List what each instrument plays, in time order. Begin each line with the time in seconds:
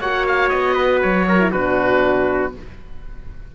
0.00 cello A#3, horn F#4, trumpet C#5, oboe F#5
0.27 oboe F5
0.49 cello B3, oboe D#5
0.74 trumpet B4
1.02 cello F#3, oboe C#5
1.28 trumpet A#4
1.39 horn E4
1.51 cello B2, horn D4, trumpet F#4, oboe B4